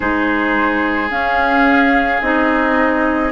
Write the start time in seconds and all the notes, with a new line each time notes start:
0.00 G#3 D#4 G#4 C5
1.10 C#4 F5
2.21 C4 D#4 D#5